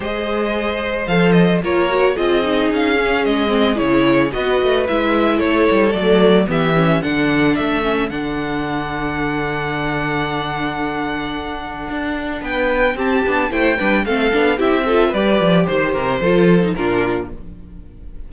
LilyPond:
<<
  \new Staff \with { instrumentName = "violin" } { \time 4/4 \tempo 4 = 111 dis''2 f''8 dis''8 cis''4 | dis''4 f''4 dis''4 cis''4 | dis''4 e''4 cis''4 d''4 | e''4 fis''4 e''4 fis''4~ |
fis''1~ | fis''2. g''4 | a''4 g''4 f''4 e''4 | d''4 c''2 ais'4 | }
  \new Staff \with { instrumentName = "violin" } { \time 4/4 c''2. ais'4 | gis'1 | b'2 a'2 | g'4 a'2.~ |
a'1~ | a'2. b'4 | g'4 c''8 b'8 a'4 g'8 a'8 | b'4 c''8 ais'8 a'4 f'4 | }
  \new Staff \with { instrumentName = "viola" } { \time 4/4 gis'2 a'4 f'8 fis'8 | f'8 dis'4 cis'4 c'8 e'4 | fis'4 e'2 a4 | b8 cis'8 d'4. cis'8 d'4~ |
d'1~ | d'1 | c'8 d'8 e'8 d'8 c'8 d'8 e'8 f'8 | g'2 f'8. dis'16 d'4 | }
  \new Staff \with { instrumentName = "cello" } { \time 4/4 gis2 f4 ais4 | c'4 cis'4 gis4 cis4 | b8 a8 gis4 a8 g8 fis4 | e4 d4 a4 d4~ |
d1~ | d2 d'4 b4 | c'8 b8 a8 g8 a8 b8 c'4 | g8 f8 dis8 c8 f4 ais,4 | }
>>